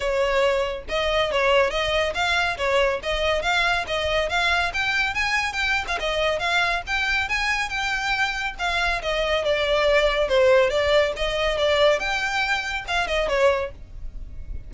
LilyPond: \new Staff \with { instrumentName = "violin" } { \time 4/4 \tempo 4 = 140 cis''2 dis''4 cis''4 | dis''4 f''4 cis''4 dis''4 | f''4 dis''4 f''4 g''4 | gis''4 g''8. f''16 dis''4 f''4 |
g''4 gis''4 g''2 | f''4 dis''4 d''2 | c''4 d''4 dis''4 d''4 | g''2 f''8 dis''8 cis''4 | }